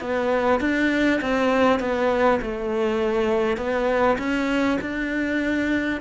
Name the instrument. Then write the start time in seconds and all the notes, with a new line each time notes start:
cello
0.00 B3
0.60 D4
1.21 C4
1.79 B3
2.41 A3
3.57 B3
4.18 C#4
4.81 D4